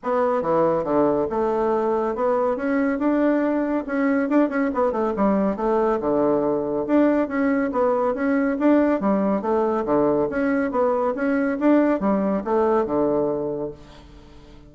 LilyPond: \new Staff \with { instrumentName = "bassoon" } { \time 4/4 \tempo 4 = 140 b4 e4 d4 a4~ | a4 b4 cis'4 d'4~ | d'4 cis'4 d'8 cis'8 b8 a8 | g4 a4 d2 |
d'4 cis'4 b4 cis'4 | d'4 g4 a4 d4 | cis'4 b4 cis'4 d'4 | g4 a4 d2 | }